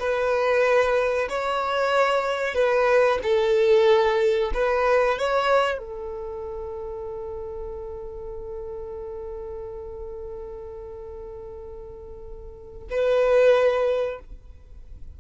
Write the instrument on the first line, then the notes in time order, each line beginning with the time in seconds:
violin
0.00 B4
1.30 C#5
2.55 B4
3.23 A4
4.55 B4
5.19 C#5
5.79 A4
12.91 B4